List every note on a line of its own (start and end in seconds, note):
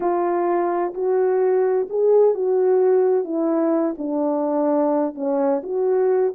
0.00 0.93 F4
0.94 1.87 F#4
1.89 2.34 G#4
2.34 3.24 F#4
3.24 3.94 E4
3.97 5.15 D4
5.15 5.61 C#4
5.63 6.33 F#4